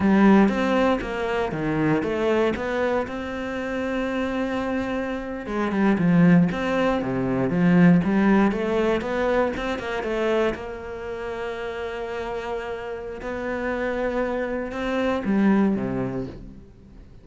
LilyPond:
\new Staff \with { instrumentName = "cello" } { \time 4/4 \tempo 4 = 118 g4 c'4 ais4 dis4 | a4 b4 c'2~ | c'2~ c'8. gis8 g8 f16~ | f8. c'4 c4 f4 g16~ |
g8. a4 b4 c'8 ais8 a16~ | a8. ais2.~ ais16~ | ais2 b2~ | b4 c'4 g4 c4 | }